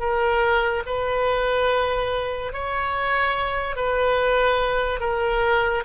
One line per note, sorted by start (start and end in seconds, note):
0.00 0.83 A#4
0.86 2.53 B4
2.53 3.76 C#5
3.76 5.00 B4
5.00 5.84 A#4